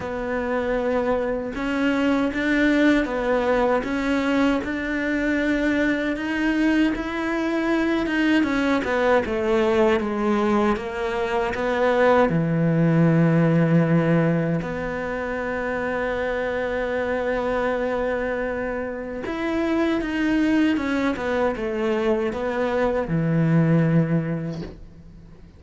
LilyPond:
\new Staff \with { instrumentName = "cello" } { \time 4/4 \tempo 4 = 78 b2 cis'4 d'4 | b4 cis'4 d'2 | dis'4 e'4. dis'8 cis'8 b8 | a4 gis4 ais4 b4 |
e2. b4~ | b1~ | b4 e'4 dis'4 cis'8 b8 | a4 b4 e2 | }